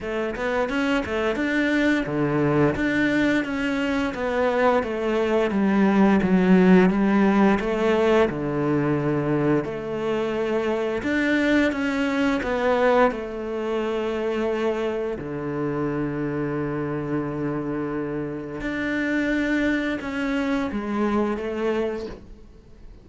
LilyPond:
\new Staff \with { instrumentName = "cello" } { \time 4/4 \tempo 4 = 87 a8 b8 cis'8 a8 d'4 d4 | d'4 cis'4 b4 a4 | g4 fis4 g4 a4 | d2 a2 |
d'4 cis'4 b4 a4~ | a2 d2~ | d2. d'4~ | d'4 cis'4 gis4 a4 | }